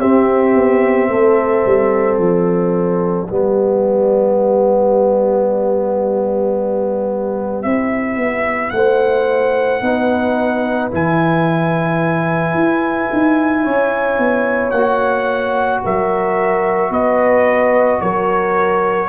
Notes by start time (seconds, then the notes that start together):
0.00 C4 G4 E5
0.55 B3
1.09 A3 A4
1.66 G3
2.18 F3 D5
3.29 G3 B3 G4
7.62 C4 E4 E5
8.17 B3
8.70 A3 C5 F#5
9.81 B3 D#4 B4
10.91 E3 E4 G#5
12.54 E4
13.12 D#4
13.63 C#4 C#5
14.18 B3
14.71 A#3 F#4 F#5
15.84 F#3 A#4 E5
16.90 B3 B4 D#5
18.01 F#3 A#4 C#5